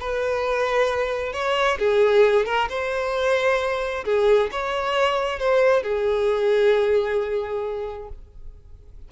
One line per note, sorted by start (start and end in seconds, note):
0.00 1.33 B4
1.33 1.78 C#5
1.79 2.46 G#4
2.46 2.68 A#4
2.69 4.05 C5
4.05 4.50 G#4
4.52 5.40 C#5
5.40 5.83 C5
5.83 8.09 G#4